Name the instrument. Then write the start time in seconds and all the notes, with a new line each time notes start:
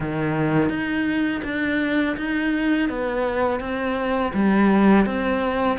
cello
0.00 D#3
0.69 D#4
1.44 D4
2.17 D#4
2.89 B3
3.59 C4
4.33 G3
5.05 C4